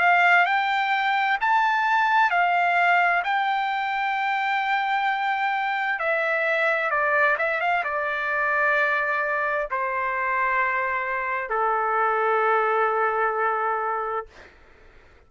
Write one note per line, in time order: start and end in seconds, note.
0.00 0.46 F5
0.46 1.38 G5
1.41 2.31 A5
2.31 3.23 F5
3.24 6.00 G5
6.00 6.91 E5
6.91 7.37 D5
7.39 7.61 E5
7.61 7.84 F5
7.85 9.69 D5
9.71 11.50 C5
11.50 14.27 A4